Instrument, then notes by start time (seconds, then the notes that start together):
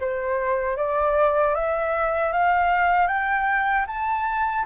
flute
0.00 C5
0.77 D5
1.55 E5
2.33 F5
3.07 G5
3.87 A5